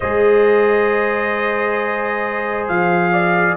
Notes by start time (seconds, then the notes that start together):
0.00 G#3 G#4 C5 D#5
2.68 F3 F5
3.12 D5